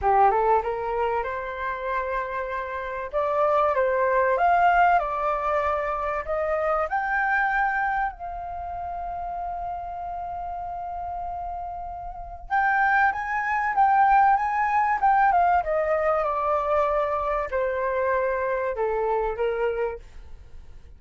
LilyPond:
\new Staff \with { instrumentName = "flute" } { \time 4/4 \tempo 4 = 96 g'8 a'8 ais'4 c''2~ | c''4 d''4 c''4 f''4 | d''2 dis''4 g''4~ | g''4 f''2.~ |
f''1 | g''4 gis''4 g''4 gis''4 | g''8 f''8 dis''4 d''2 | c''2 a'4 ais'4 | }